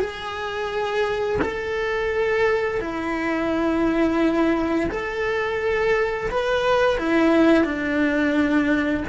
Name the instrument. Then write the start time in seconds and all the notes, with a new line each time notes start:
cello
0.00 G#4
1.42 A4
2.81 E4
4.91 A4
6.30 B4
6.98 E4
7.64 D4